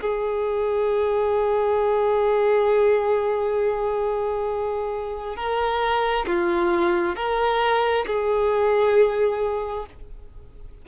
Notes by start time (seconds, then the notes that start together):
0.00 G#4
5.36 A#4
6.26 F4
7.16 A#4
8.06 G#4